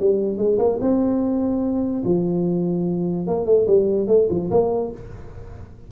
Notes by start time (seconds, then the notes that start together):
0.00 G3
0.38 G#3
0.59 A#3
0.81 C4
2.05 F3
3.27 A#3
3.46 A3
3.67 G3
4.08 A3
4.30 F3
4.51 A#3